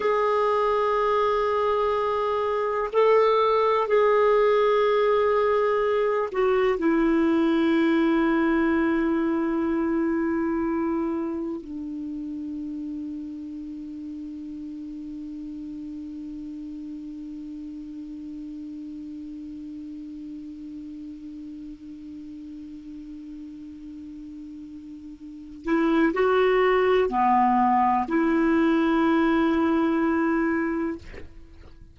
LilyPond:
\new Staff \with { instrumentName = "clarinet" } { \time 4/4 \tempo 4 = 62 gis'2. a'4 | gis'2~ gis'8 fis'8 e'4~ | e'1 | d'1~ |
d'1~ | d'1~ | d'2~ d'8 e'8 fis'4 | b4 e'2. | }